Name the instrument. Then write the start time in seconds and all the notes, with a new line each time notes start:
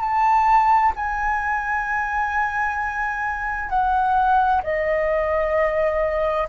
flute
0.00 A5
0.96 G#5
3.69 F#5
4.63 D#5